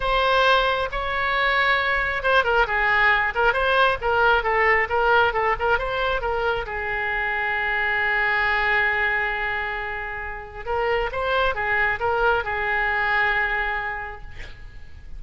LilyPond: \new Staff \with { instrumentName = "oboe" } { \time 4/4 \tempo 4 = 135 c''2 cis''2~ | cis''4 c''8 ais'8 gis'4. ais'8 | c''4 ais'4 a'4 ais'4 | a'8 ais'8 c''4 ais'4 gis'4~ |
gis'1~ | gis'1 | ais'4 c''4 gis'4 ais'4 | gis'1 | }